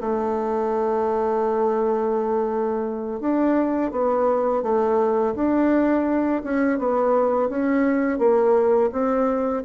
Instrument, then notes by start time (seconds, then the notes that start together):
bassoon
0.00 A3
3.20 D4
3.91 B3
4.62 A3
5.34 D4
6.43 C#4
6.78 B3
7.49 C#4
8.18 A#3
8.92 C4